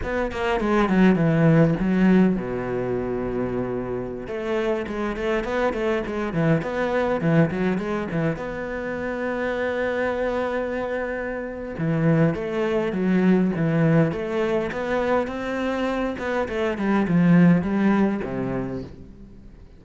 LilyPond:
\new Staff \with { instrumentName = "cello" } { \time 4/4 \tempo 4 = 102 b8 ais8 gis8 fis8 e4 fis4 | b,2.~ b,16 a8.~ | a16 gis8 a8 b8 a8 gis8 e8 b8.~ | b16 e8 fis8 gis8 e8 b4.~ b16~ |
b1 | e4 a4 fis4 e4 | a4 b4 c'4. b8 | a8 g8 f4 g4 c4 | }